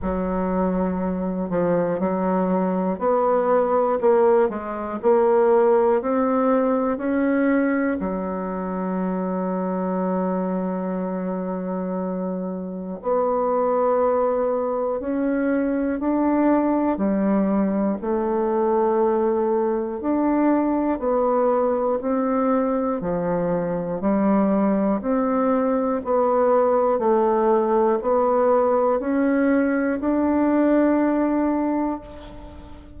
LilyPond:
\new Staff \with { instrumentName = "bassoon" } { \time 4/4 \tempo 4 = 60 fis4. f8 fis4 b4 | ais8 gis8 ais4 c'4 cis'4 | fis1~ | fis4 b2 cis'4 |
d'4 g4 a2 | d'4 b4 c'4 f4 | g4 c'4 b4 a4 | b4 cis'4 d'2 | }